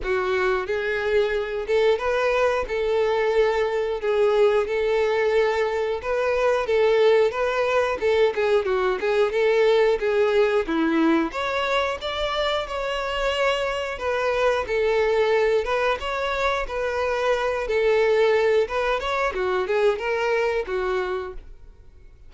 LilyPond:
\new Staff \with { instrumentName = "violin" } { \time 4/4 \tempo 4 = 90 fis'4 gis'4. a'8 b'4 | a'2 gis'4 a'4~ | a'4 b'4 a'4 b'4 | a'8 gis'8 fis'8 gis'8 a'4 gis'4 |
e'4 cis''4 d''4 cis''4~ | cis''4 b'4 a'4. b'8 | cis''4 b'4. a'4. | b'8 cis''8 fis'8 gis'8 ais'4 fis'4 | }